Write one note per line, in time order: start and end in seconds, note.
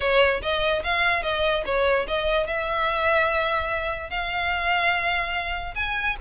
0.00 0.41 C#5
0.41 0.83 D#5
0.83 1.22 F5
1.22 1.63 D#5
1.65 2.06 C#5
2.07 2.47 D#5
2.47 4.10 E5
4.10 5.74 F5
5.75 6.16 G#5